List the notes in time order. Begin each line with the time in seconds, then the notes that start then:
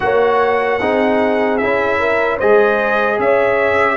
0.00 A#3 F#4 C#5 F#5
0.79 C4 D#4 G#4
1.57 C#4 E4 E5
1.99 A#4
2.37 G#3 G#4 C5 D#5
3.18 C#4 C#5 E5